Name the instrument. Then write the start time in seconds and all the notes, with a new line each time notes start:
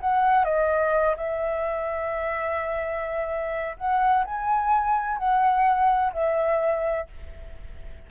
flute
0.00 F#5
0.44 D#5
1.17 E5
3.77 F#5
4.25 G#5
5.18 F#5
6.13 E5